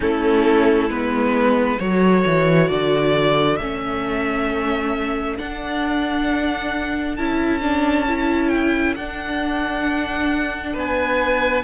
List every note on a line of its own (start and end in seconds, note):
0.00 0.88 A3
0.00 0.89 C#4
0.00 1.78 E4
0.00 0.90 A4
0.88 1.78 G#3
0.88 1.79 B3
0.88 1.79 B4
1.78 2.24 F#3
1.78 3.58 F#4
1.78 10.73 A4
1.78 2.67 C#5
2.25 2.70 E3
2.67 3.59 D3
2.67 3.56 D5
3.56 5.38 A3
3.56 5.37 C#4
3.56 5.35 E5
5.37 7.17 D4
5.37 7.18 D4
5.37 7.16 F#5
7.16 8.96 C#4
7.16 7.61 E4
7.16 8.49 A5
7.61 8.06 D4
8.07 8.97 E4
8.49 8.93 G5
8.95 10.75 D4
8.95 11.64 D4
8.95 10.74 F#5
10.73 11.64 B3
10.73 11.63 B4
10.73 11.64 G#5